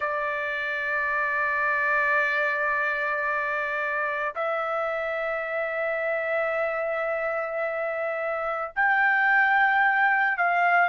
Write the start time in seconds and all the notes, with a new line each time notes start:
0.00 D5
4.35 E5
8.75 G5
10.37 F5